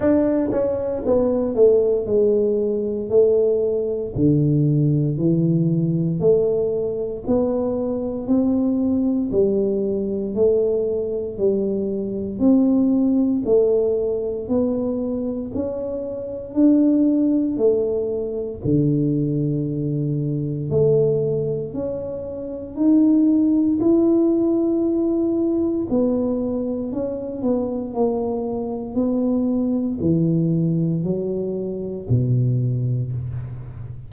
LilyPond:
\new Staff \with { instrumentName = "tuba" } { \time 4/4 \tempo 4 = 58 d'8 cis'8 b8 a8 gis4 a4 | d4 e4 a4 b4 | c'4 g4 a4 g4 | c'4 a4 b4 cis'4 |
d'4 a4 d2 | a4 cis'4 dis'4 e'4~ | e'4 b4 cis'8 b8 ais4 | b4 e4 fis4 b,4 | }